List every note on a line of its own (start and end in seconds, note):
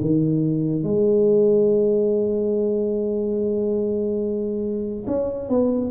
0.00 0.83 D#3
0.83 5.06 G#3
5.07 5.49 C#4
5.49 5.90 B3